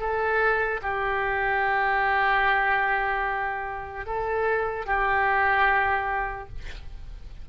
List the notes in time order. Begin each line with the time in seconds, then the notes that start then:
0.00 A4
0.83 G4
4.07 A4
4.86 G4